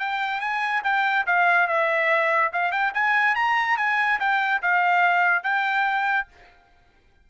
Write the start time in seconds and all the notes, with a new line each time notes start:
0.00 G5
0.41 G#5
0.84 G5
1.27 F5
1.68 E5
2.53 F5
2.72 G5
2.95 G#5
3.36 A#5
3.78 G#5
4.20 G5
4.62 F5
5.44 G5